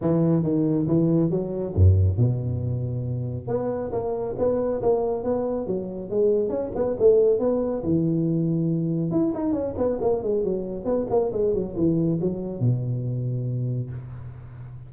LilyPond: \new Staff \with { instrumentName = "tuba" } { \time 4/4 \tempo 4 = 138 e4 dis4 e4 fis4 | fis,4 b,2. | b4 ais4 b4 ais4 | b4 fis4 gis4 cis'8 b8 |
a4 b4 e2~ | e4 e'8 dis'8 cis'8 b8 ais8 gis8 | fis4 b8 ais8 gis8 fis8 e4 | fis4 b,2. | }